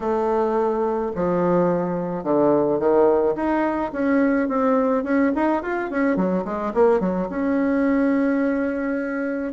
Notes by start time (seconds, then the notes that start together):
0.00 A3
1.15 F3
2.23 D3
2.79 D#3
3.35 D#4
3.92 C#4
4.48 C4
5.03 C#4
5.35 D#4
5.62 F4
5.90 C#4
6.16 F#3
6.44 G#3
6.74 A#3
6.99 F#3
7.29 C#4